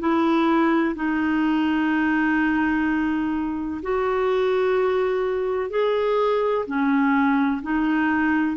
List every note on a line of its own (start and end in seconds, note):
0.00 0.95 E4
0.96 3.81 D#4
3.83 5.71 F#4
5.71 6.66 G#4
6.67 7.62 C#4
7.62 8.57 D#4